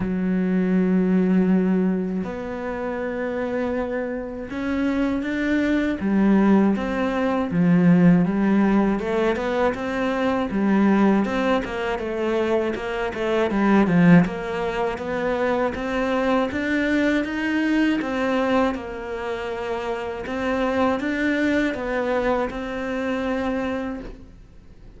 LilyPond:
\new Staff \with { instrumentName = "cello" } { \time 4/4 \tempo 4 = 80 fis2. b4~ | b2 cis'4 d'4 | g4 c'4 f4 g4 | a8 b8 c'4 g4 c'8 ais8 |
a4 ais8 a8 g8 f8 ais4 | b4 c'4 d'4 dis'4 | c'4 ais2 c'4 | d'4 b4 c'2 | }